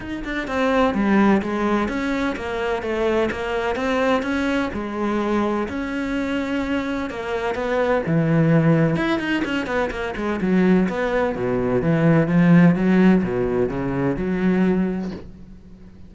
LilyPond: \new Staff \with { instrumentName = "cello" } { \time 4/4 \tempo 4 = 127 dis'8 d'8 c'4 g4 gis4 | cis'4 ais4 a4 ais4 | c'4 cis'4 gis2 | cis'2. ais4 |
b4 e2 e'8 dis'8 | cis'8 b8 ais8 gis8 fis4 b4 | b,4 e4 f4 fis4 | b,4 cis4 fis2 | }